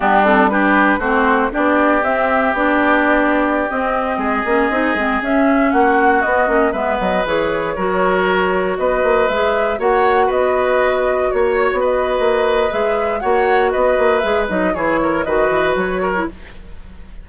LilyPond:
<<
  \new Staff \with { instrumentName = "flute" } { \time 4/4 \tempo 4 = 118 g'8 a'8 b'4 c''4 d''4 | e''4 d''2~ d''16 dis''8.~ | dis''2~ dis''16 e''4 fis''8.~ | fis''16 dis''4 e''8 dis''8 cis''4.~ cis''16~ |
cis''4~ cis''16 dis''4 e''4 fis''8.~ | fis''16 dis''2 cis''4 dis''8.~ | dis''4 e''4 fis''4 dis''4 | e''8 dis''8 cis''4 dis''4 cis''4 | }
  \new Staff \with { instrumentName = "oboe" } { \time 4/4 d'4 g'4 fis'4 g'4~ | g'1~ | g'16 gis'2. fis'8.~ | fis'4~ fis'16 b'2 ais'8.~ |
ais'4~ ais'16 b'2 cis''8.~ | cis''16 b'2 cis''4 b'8.~ | b'2 cis''4 b'4~ | b'4 gis'8 ais'8 b'4. ais'8 | }
  \new Staff \with { instrumentName = "clarinet" } { \time 4/4 b8 c'8 d'4 c'4 d'4 | c'4 d'2~ d'16 c'8.~ | c'8. cis'8 dis'8 c'8 cis'4.~ cis'16~ | cis'16 b8 cis'8 b4 gis'4 fis'8.~ |
fis'2~ fis'16 gis'4 fis'8.~ | fis'1~ | fis'4 gis'4 fis'2 | gis'8 dis'8 e'4 fis'4.~ fis'16 e'16 | }
  \new Staff \with { instrumentName = "bassoon" } { \time 4/4 g2 a4 b4 | c'4 b2~ b16 c'8.~ | c'16 gis8 ais8 c'8 gis8 cis'4 ais8.~ | ais16 b8 ais8 gis8 fis8 e4 fis8.~ |
fis4~ fis16 b8 ais8 gis4 ais8.~ | ais16 b2 ais8. b4 | ais4 gis4 ais4 b8 ais8 | gis8 fis8 e4 dis8 e8 fis4 | }
>>